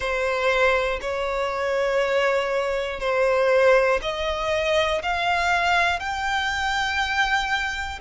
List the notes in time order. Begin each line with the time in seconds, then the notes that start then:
0.00 C5
1.01 C#5
3.00 C5
4.01 D#5
5.02 F5
6.00 G5